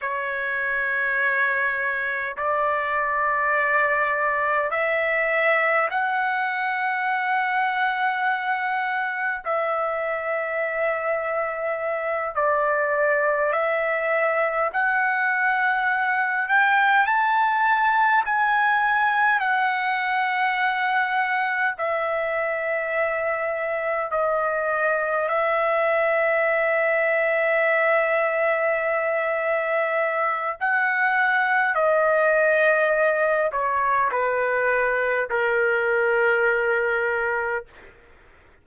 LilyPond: \new Staff \with { instrumentName = "trumpet" } { \time 4/4 \tempo 4 = 51 cis''2 d''2 | e''4 fis''2. | e''2~ e''8 d''4 e''8~ | e''8 fis''4. g''8 a''4 gis''8~ |
gis''8 fis''2 e''4.~ | e''8 dis''4 e''2~ e''8~ | e''2 fis''4 dis''4~ | dis''8 cis''8 b'4 ais'2 | }